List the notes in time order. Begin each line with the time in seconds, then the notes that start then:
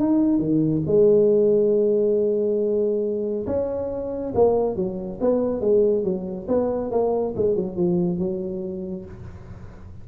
0.00 D#4
0.39 D#3
0.87 G#3
3.47 C#4
4.35 A#3
4.76 F#3
5.21 B3
5.61 G#3
6.04 F#3
6.48 B3
6.91 A#3
7.37 G#3
7.56 F#3
7.77 F3
8.19 F#3